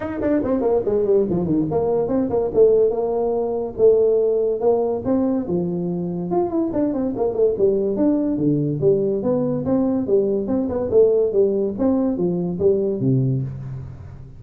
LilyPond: \new Staff \with { instrumentName = "tuba" } { \time 4/4 \tempo 4 = 143 dis'8 d'8 c'8 ais8 gis8 g8 f8 dis8 | ais4 c'8 ais8 a4 ais4~ | ais4 a2 ais4 | c'4 f2 f'8 e'8 |
d'8 c'8 ais8 a8 g4 d'4 | d4 g4 b4 c'4 | g4 c'8 b8 a4 g4 | c'4 f4 g4 c4 | }